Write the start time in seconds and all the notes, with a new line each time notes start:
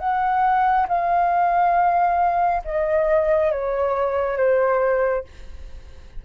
0.00 F#5
0.89 F5
2.65 D#5
3.52 C#5
4.38 C5